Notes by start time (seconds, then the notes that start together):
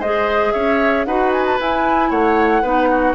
0.00 G#3 G#4 C5 D#5
0.52 C#4 C#5 E5
1.05 D#4 F#4 B4 F#5
1.32 G#5
1.46 A5
1.60 E4 G#5
2.11 A3 C#5 F#5
2.63 B3 D#4 B4
2.91 F#4